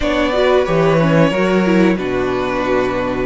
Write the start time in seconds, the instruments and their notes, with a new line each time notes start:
0.00 cello B3, viola D4, violin C#5 D5
0.33 viola F#4, violin B4
0.65 cello E3, viola G4, violin C#5
1.01 viola C#4
1.29 cello F#3, viola F#4, violin A#4
1.65 viola E4
1.97 cello B2, viola D4, violin F#4 B4